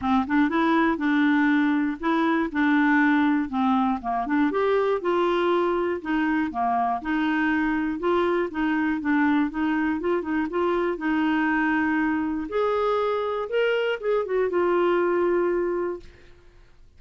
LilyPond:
\new Staff \with { instrumentName = "clarinet" } { \time 4/4 \tempo 4 = 120 c'8 d'8 e'4 d'2 | e'4 d'2 c'4 | ais8 d'8 g'4 f'2 | dis'4 ais4 dis'2 |
f'4 dis'4 d'4 dis'4 | f'8 dis'8 f'4 dis'2~ | dis'4 gis'2 ais'4 | gis'8 fis'8 f'2. | }